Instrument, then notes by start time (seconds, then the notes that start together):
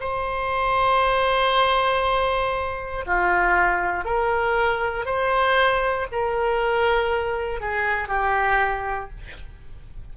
oboe
0.00 C5
3.06 F4
4.04 A#4
5.05 C5
6.12 A#4
7.60 G#4
8.08 G4